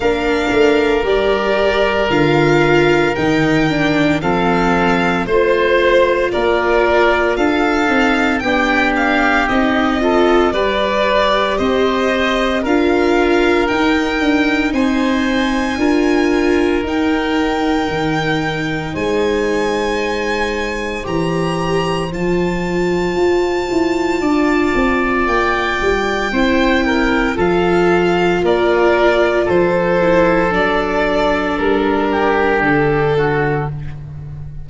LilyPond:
<<
  \new Staff \with { instrumentName = "violin" } { \time 4/4 \tempo 4 = 57 f''4 d''4 f''4 g''4 | f''4 c''4 d''4 f''4 | g''8 f''8 dis''4 d''4 dis''4 | f''4 g''4 gis''2 |
g''2 gis''2 | ais''4 a''2. | g''2 f''4 d''4 | c''4 d''4 ais'4 a'4 | }
  \new Staff \with { instrumentName = "oboe" } { \time 4/4 ais'1 | a'4 c''4 ais'4 a'4 | g'4. a'8 b'4 c''4 | ais'2 c''4 ais'4~ |
ais'2 c''2~ | c''2. d''4~ | d''4 c''8 ais'8 a'4 ais'4 | a'2~ a'8 g'4 fis'8 | }
  \new Staff \with { instrumentName = "viola" } { \time 4/4 d'4 g'4 f'4 dis'8 d'8 | c'4 f'2~ f'8 dis'8 | d'4 dis'8 f'8 g'2 | f'4 dis'2 f'4 |
dis'1 | g'4 f'2.~ | f'4 e'4 f'2~ | f'8 e'8 d'2. | }
  \new Staff \with { instrumentName = "tuba" } { \time 4/4 ais8 a8 g4 d4 dis4 | f4 a4 ais4 d'8 c'8 | b4 c'4 g4 c'4 | d'4 dis'8 d'8 c'4 d'4 |
dis'4 dis4 gis2 | e4 f4 f'8 e'8 d'8 c'8 | ais8 g8 c'4 f4 ais4 | f4 fis4 g4 d4 | }
>>